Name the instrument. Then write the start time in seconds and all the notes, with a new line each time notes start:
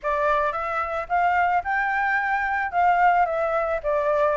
flute
0.02 D5
0.52 E5
1.08 F5
1.64 G5
2.71 F5
3.25 E5
3.83 D5